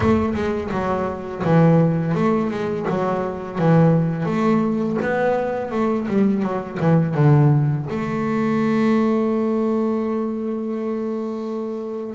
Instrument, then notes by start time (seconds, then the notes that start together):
double bass
0.00 A3
0.34 G#3
0.71 F#3
1.44 E3
2.15 A3
2.50 G#3
2.89 F#3
3.58 E3
4.25 A3
5.02 B3
5.71 A3
6.07 G3
6.42 F#3
6.80 E3
7.14 D3
7.90 A3